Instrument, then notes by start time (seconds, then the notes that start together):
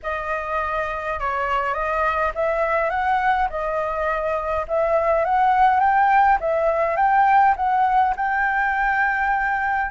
flute
0.03 D#5
1.19 C#5
1.73 D#5
2.35 E5
2.90 F#5
3.49 D#5
4.68 E5
5.24 F#5
5.80 G5
6.40 E5
6.96 G5
7.56 F#5
8.16 G5